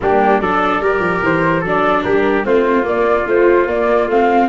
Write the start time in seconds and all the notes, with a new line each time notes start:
0.01 G3 A#3 D4 G4
0.39 F#3 D4 A4 D5
0.80 G3 G4 A#4
1.00 F3
1.22 E3 C5
1.61 F#3 D4 A4 D5
2.03 G3 G4 A#4
2.43 A3 C4 F4 C5
2.83 A#3 D5
3.26 F3 A3 C5
3.66 A#3 D5
4.06 A3 C4 F5